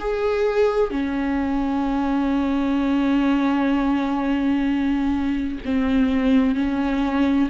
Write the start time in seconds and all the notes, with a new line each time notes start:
0.00 G#4
0.91 C#4
5.65 C4
6.55 C#4